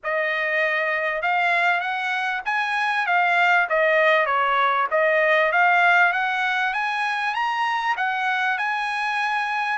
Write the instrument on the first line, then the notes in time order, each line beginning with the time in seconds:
trumpet
0.03 D#5
1.22 F5
1.80 F#5
2.45 G#5
3.06 F5
3.69 D#5
4.26 C#5
4.90 D#5
5.52 F5
6.13 F#5
6.73 G#5
7.34 A#5
7.96 F#5
8.58 G#5